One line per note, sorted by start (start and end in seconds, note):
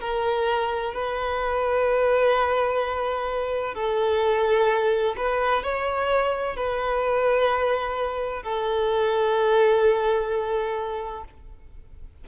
0.00 0.93 A#4
0.93 3.74 B4
3.74 5.15 A4
5.16 5.62 B4
5.62 6.56 C#5
6.56 8.42 B4
8.42 11.24 A4